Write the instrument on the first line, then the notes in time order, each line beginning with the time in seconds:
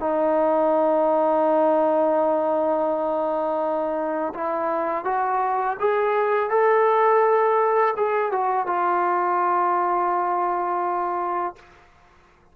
trombone
0.00 D#4
4.34 E4
5.05 F#4
5.80 G#4
6.50 A4
7.97 G#4
8.32 F#4
8.67 F4